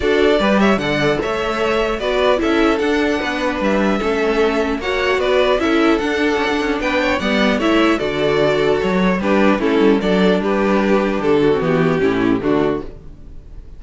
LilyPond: <<
  \new Staff \with { instrumentName = "violin" } { \time 4/4 \tempo 4 = 150 d''4. e''8 fis''4 e''4~ | e''4 d''4 e''4 fis''4~ | fis''4 e''2. | fis''4 d''4 e''4 fis''4~ |
fis''4 g''4 fis''4 e''4 | d''2 cis''4 b'4 | a'4 d''4 b'2 | a'4 g'2 fis'4 | }
  \new Staff \with { instrumentName = "violin" } { \time 4/4 a'4 b'8 cis''8 d''4 cis''4~ | cis''4 b'4 a'2 | b'2 a'2 | cis''4 b'4 a'2~ |
a'4 b'8 cis''8 d''4 cis''4 | a'2. g'4 | e'4 a'4 g'2~ | g'8 fis'4. e'4 d'4 | }
  \new Staff \with { instrumentName = "viola" } { \time 4/4 fis'4 g'4 a'2~ | a'4 fis'4 e'4 d'4~ | d'2 cis'2 | fis'2 e'4 d'4~ |
d'2 b4 e'4 | fis'2. d'4 | cis'4 d'2.~ | d'8. c'16 b4 cis'4 a4 | }
  \new Staff \with { instrumentName = "cello" } { \time 4/4 d'4 g4 d4 a4~ | a4 b4 cis'4 d'4 | b4 g4 a2 | ais4 b4 cis'4 d'4 |
cis'16 d'16 cis'8 b4 g4 a4 | d2 fis4 g4 | a8 g8 fis4 g2 | d4 e4 a,4 d4 | }
>>